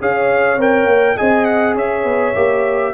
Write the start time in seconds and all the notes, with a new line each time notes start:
0.00 C#4 G#4 C#5 F5
0.57 C4 A#4 G5
0.85 A#3
1.16 C4 G#4 D#5 G#5
1.44 F#5
1.74 C#4 C#5 E5
2.04 B3
2.34 A#3 G4